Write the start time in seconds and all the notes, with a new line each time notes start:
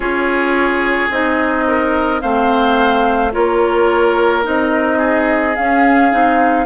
0.00 C#4 F4 G#4 C#5
1.10 C4 D#4 D#5
1.67 A#4
2.21 A3 C4 C5 F5
3.32 A#3 F4 A#4 C#5
4.42 C4 D#4 D#5
4.98 G#4
5.55 C#4 F5
6.11 C4 D#4